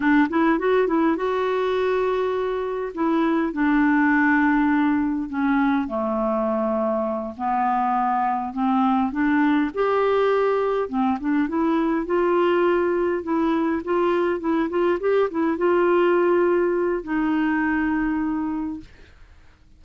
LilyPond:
\new Staff \with { instrumentName = "clarinet" } { \time 4/4 \tempo 4 = 102 d'8 e'8 fis'8 e'8 fis'2~ | fis'4 e'4 d'2~ | d'4 cis'4 a2~ | a8 b2 c'4 d'8~ |
d'8 g'2 c'8 d'8 e'8~ | e'8 f'2 e'4 f'8~ | f'8 e'8 f'8 g'8 e'8 f'4.~ | f'4 dis'2. | }